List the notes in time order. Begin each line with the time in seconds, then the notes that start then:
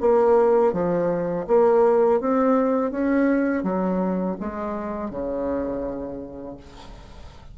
0.00 A#3
0.72 F3
1.47 A#3
2.20 C4
2.91 C#4
3.63 F#3
4.40 G#3
5.10 C#3